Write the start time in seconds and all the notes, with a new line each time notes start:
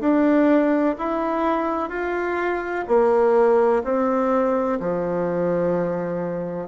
0.00 D4
0.98 E4
1.90 F4
2.88 A#3
3.84 C4
4.80 F3